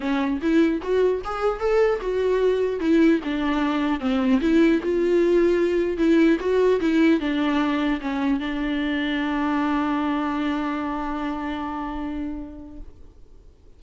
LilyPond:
\new Staff \with { instrumentName = "viola" } { \time 4/4 \tempo 4 = 150 cis'4 e'4 fis'4 gis'4 | a'4 fis'2 e'4 | d'2 c'4 e'4 | f'2. e'4 |
fis'4 e'4 d'2 | cis'4 d'2.~ | d'1~ | d'1 | }